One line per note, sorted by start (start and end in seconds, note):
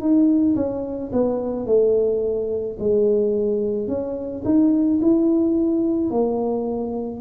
0.00 0.56 D#4
0.56 1.11 C#4
1.13 1.66 B3
1.66 2.77 A3
2.79 3.88 G#3
3.88 4.43 C#4
4.45 5.01 D#4
5.02 6.11 E4
6.11 7.21 A#3